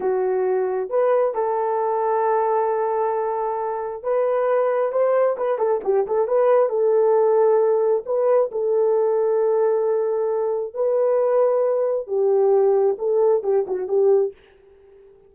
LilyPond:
\new Staff \with { instrumentName = "horn" } { \time 4/4 \tempo 4 = 134 fis'2 b'4 a'4~ | a'1~ | a'4 b'2 c''4 | b'8 a'8 g'8 a'8 b'4 a'4~ |
a'2 b'4 a'4~ | a'1 | b'2. g'4~ | g'4 a'4 g'8 fis'8 g'4 | }